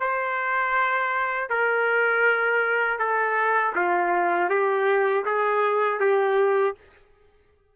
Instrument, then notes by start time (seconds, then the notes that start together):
trumpet
0.00 C5
1.49 A#4
2.99 A4
3.75 F4
4.49 G4
5.25 G#4
6.00 G4